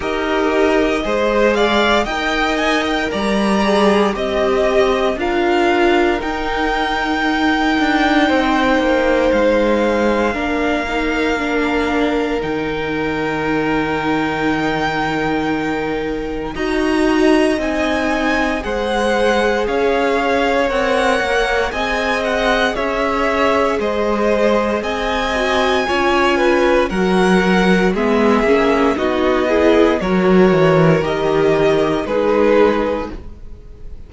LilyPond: <<
  \new Staff \with { instrumentName = "violin" } { \time 4/4 \tempo 4 = 58 dis''4. f''8 g''8 gis''16 g''16 ais''4 | dis''4 f''4 g''2~ | g''4 f''2. | g''1 |
ais''4 gis''4 fis''4 f''4 | fis''4 gis''8 fis''8 e''4 dis''4 | gis''2 fis''4 e''4 | dis''4 cis''4 dis''4 b'4 | }
  \new Staff \with { instrumentName = "violin" } { \time 4/4 ais'4 c''8 d''8 dis''4 d''4 | dis''4 ais'2. | c''2 ais'2~ | ais'1 |
dis''2 c''4 cis''4~ | cis''4 dis''4 cis''4 c''4 | dis''4 cis''8 b'8 ais'4 gis'4 | fis'8 gis'8 ais'2 gis'4 | }
  \new Staff \with { instrumentName = "viola" } { \time 4/4 g'4 gis'4 ais'4. gis'8 | g'4 f'4 dis'2~ | dis'2 d'8 dis'8 d'4 | dis'1 |
fis'4 dis'4 gis'2 | ais'4 gis'2.~ | gis'8 fis'8 f'4 fis'4 b8 cis'8 | dis'8 e'8 fis'4 g'4 dis'4 | }
  \new Staff \with { instrumentName = "cello" } { \time 4/4 dis'4 gis4 dis'4 g4 | c'4 d'4 dis'4. d'8 | c'8 ais8 gis4 ais2 | dis1 |
dis'4 c'4 gis4 cis'4 | c'8 ais8 c'4 cis'4 gis4 | c'4 cis'4 fis4 gis8 ais8 | b4 fis8 e8 dis4 gis4 | }
>>